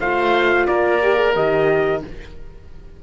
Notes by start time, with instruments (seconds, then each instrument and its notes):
0.00 cello A3, horn F4, oboe C5, trumpet F5
0.67 cello A#3, oboe A#4, trumpet D5
1.03 horn G4
1.16 horn G#4
1.35 cello D#3, horn G4, trumpet D#5